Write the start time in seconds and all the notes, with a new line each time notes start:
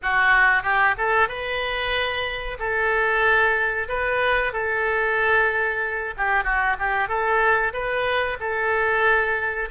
0.02 F#4
0.62 G4
0.97 A4
1.28 B4
2.59 A4
3.88 B4
4.52 A4
6.17 G4
6.43 F#4
6.78 G4
7.08 A4
7.73 B4
8.40 A4